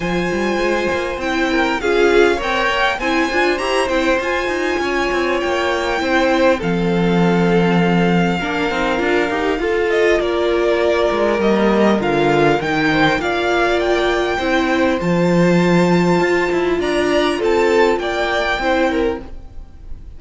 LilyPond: <<
  \new Staff \with { instrumentName = "violin" } { \time 4/4 \tempo 4 = 100 gis''2 g''4 f''4 | g''4 gis''4 ais''8 g''8 gis''4~ | gis''4 g''2 f''4~ | f''1~ |
f''8 dis''8 d''2 dis''4 | f''4 g''4 f''4 g''4~ | g''4 a''2. | ais''4 a''4 g''2 | }
  \new Staff \with { instrumentName = "violin" } { \time 4/4 c''2~ c''8 ais'8 gis'4 | cis''4 c''2. | cis''2 c''4 a'4~ | a'2 ais'2 |
a'4 ais'2.~ | ais'4. c''8 d''2 | c''1 | d''4 a'4 d''4 c''8 ais'8 | }
  \new Staff \with { instrumentName = "viola" } { \time 4/4 f'2 e'4 f'4 | ais'4 e'8 f'8 g'8 e'8 f'4~ | f'2 e'4 c'4~ | c'2 d'8 dis'8 f'8 g'8 |
f'2. ais4 | f'4 dis'4 f'2 | e'4 f'2.~ | f'2. e'4 | }
  \new Staff \with { instrumentName = "cello" } { \time 4/4 f8 g8 gis8 ais8 c'4 cis'4 | c'8 ais8 c'8 d'8 e'8 c'8 f'8 dis'8 | cis'8 c'8 ais4 c'4 f4~ | f2 ais8 c'8 d'8 dis'8 |
f'4 ais4. gis8 g4 | d4 dis4 ais2 | c'4 f2 f'8 e'8 | d'4 c'4 ais4 c'4 | }
>>